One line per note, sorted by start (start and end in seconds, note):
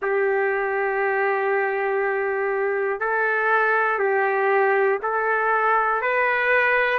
0.01 3.00 G4
3.00 3.98 A4
3.98 4.98 G4
5.02 6.01 A4
6.01 6.98 B4